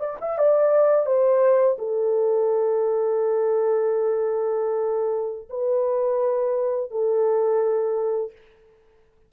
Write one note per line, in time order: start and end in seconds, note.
0.00 0.17 D5
0.21 0.38 E5
0.38 1.06 D5
1.06 1.76 C5
1.78 5.49 A4
5.49 6.90 B4
6.90 8.32 A4